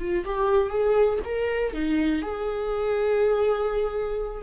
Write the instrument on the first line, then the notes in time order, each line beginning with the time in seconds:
viola
0.00 F4
0.25 G4
0.70 G#4
1.25 A#4
1.74 D#4
2.22 G#4